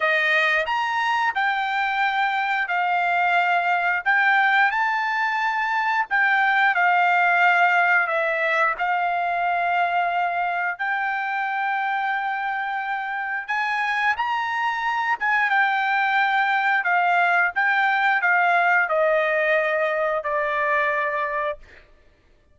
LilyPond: \new Staff \with { instrumentName = "trumpet" } { \time 4/4 \tempo 4 = 89 dis''4 ais''4 g''2 | f''2 g''4 a''4~ | a''4 g''4 f''2 | e''4 f''2. |
g''1 | gis''4 ais''4. gis''8 g''4~ | g''4 f''4 g''4 f''4 | dis''2 d''2 | }